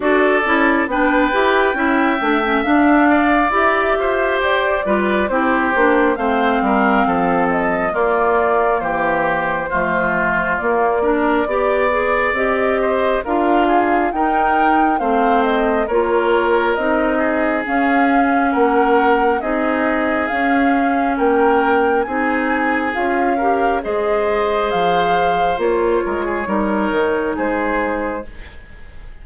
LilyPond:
<<
  \new Staff \with { instrumentName = "flute" } { \time 4/4 \tempo 4 = 68 d''4 g''2 f''4 | e''4 d''4 c''4 f''4~ | f''8 dis''8 d''4 c''2 | d''2 dis''4 f''4 |
g''4 f''8 dis''8 cis''4 dis''4 | f''4 fis''4 dis''4 f''4 | g''4 gis''4 f''4 dis''4 | f''4 cis''2 c''4 | }
  \new Staff \with { instrumentName = "oboe" } { \time 4/4 a'4 b'4 e''4. d''8~ | d''8 c''4 b'8 g'4 c''8 ais'8 | a'4 f'4 g'4 f'4~ | f'8 ais'8 d''4. c''8 ais'8 gis'8 |
ais'4 c''4 ais'4. gis'8~ | gis'4 ais'4 gis'2 | ais'4 gis'4. ais'8 c''4~ | c''4. ais'16 gis'16 ais'4 gis'4 | }
  \new Staff \with { instrumentName = "clarinet" } { \time 4/4 fis'8 e'8 d'8 g'8 e'8 d'16 cis'16 d'4 | g'4. f'8 e'8 d'8 c'4~ | c'4 ais2 a4 | ais8 d'8 g'8 gis'8 g'4 f'4 |
dis'4 c'4 f'4 dis'4 | cis'2 dis'4 cis'4~ | cis'4 dis'4 f'8 g'8 gis'4~ | gis'4 f'4 dis'2 | }
  \new Staff \with { instrumentName = "bassoon" } { \time 4/4 d'8 cis'8 b8 e'8 cis'8 a8 d'4 | e'8 f'8 g'8 g8 c'8 ais8 a8 g8 | f4 ais4 e4 f4 | ais4 b4 c'4 d'4 |
dis'4 a4 ais4 c'4 | cis'4 ais4 c'4 cis'4 | ais4 c'4 cis'4 gis4 | f4 ais8 gis8 g8 dis8 gis4 | }
>>